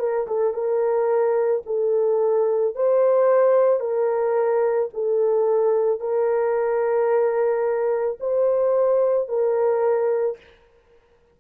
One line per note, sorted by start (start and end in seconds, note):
0.00 0.27 A#4
0.28 0.54 A4
0.54 1.63 A#4
1.67 2.76 A4
2.76 3.80 C5
3.80 4.89 A#4
4.94 6.00 A4
6.00 8.19 A#4
8.21 9.29 C5
9.29 10.38 A#4